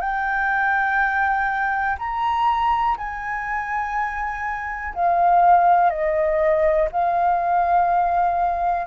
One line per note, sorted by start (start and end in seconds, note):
0.00 1.97 G5
1.98 2.96 A#5
2.97 4.94 G#5
4.94 5.90 F5
5.90 6.89 D#5
6.92 8.87 F5